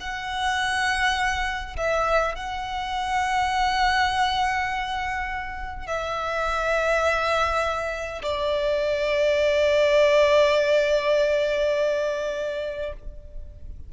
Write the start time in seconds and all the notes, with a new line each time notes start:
0.00 F#5
1.77 E5
2.35 F#5
5.87 E5
8.22 D5